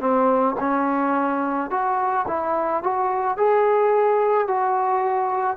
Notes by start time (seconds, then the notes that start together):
0.00 C4
0.60 C#4
1.70 F#4
2.28 E4
2.83 F#4
3.37 G#4
4.47 F#4